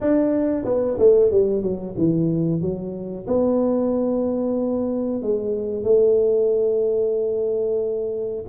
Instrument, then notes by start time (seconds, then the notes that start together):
tuba
0.01 D4
0.64 B3
0.98 A3
1.31 G3
1.62 F#3
1.97 E3
2.61 F#3
3.27 B3
5.21 G#3
5.83 A3